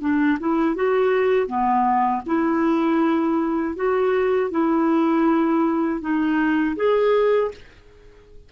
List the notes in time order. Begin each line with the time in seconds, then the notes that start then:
0.00 D4
0.39 E4
0.75 F#4
1.46 B3
2.26 E4
3.75 F#4
4.50 E4
6.00 D#4
6.76 G#4